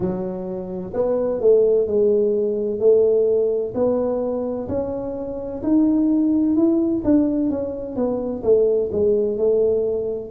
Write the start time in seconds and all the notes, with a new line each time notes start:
0.00 F#3
0.93 B3
1.40 A3
1.87 G#3
2.79 A3
3.74 B3
4.68 C#4
5.62 D#4
6.55 E4
7.04 D4
7.50 C#4
7.96 B3
8.43 A3
8.91 G#3
9.37 A3